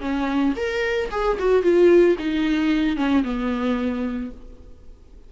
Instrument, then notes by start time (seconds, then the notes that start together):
viola
0.00 C#4
0.56 A#4
1.11 G#4
1.39 F#4
1.62 F4
2.18 D#4
2.96 C#4
3.24 B3